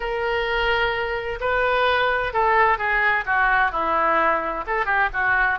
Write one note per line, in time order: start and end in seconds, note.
0.00 1.39 A#4
1.40 2.33 B4
2.33 2.78 A4
2.78 3.24 G#4
3.25 3.71 F#4
3.71 4.64 E4
4.67 4.85 A4
4.85 5.09 G4
5.13 5.59 F#4